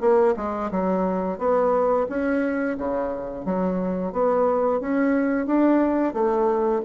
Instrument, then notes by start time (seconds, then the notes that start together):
bassoon
0.00 A#3
0.36 G#3
0.71 F#3
1.38 B3
2.09 C#4
2.77 C#3
3.45 F#3
4.12 B3
4.80 C#4
5.46 D4
6.13 A3